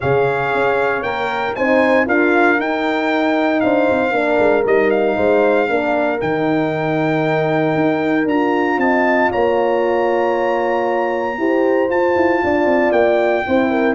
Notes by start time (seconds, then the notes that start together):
0.00 C#3 G#4 C#5 F5
0.54 C#4
1.01 A#3 A#4 G5
1.55 C4 D#4 C5 G#5
2.05 D4 F4 A#4 F5
2.57 D#4 G5
3.60 D4 C5 F5
3.89 C4
4.10 A#3 D4 A#4
4.38 G#3
4.65 G3 D#4 D#5
4.90 F5
5.15 G#3 C5
5.67 A#3 D4 A#4
6.20 D#3 D#4 G5
7.75 D#4
8.25 D4 F4 A#5
8.77 C4 D#5 A5
9.31 A#3 C#5 A#5
11.38 E4 G4 C5
11.89 F4 A5
12.16 E4
12.43 D4 D5
12.65 C4
12.91 A#3 G5
13.46 C4 E4 C5
13.70 A#4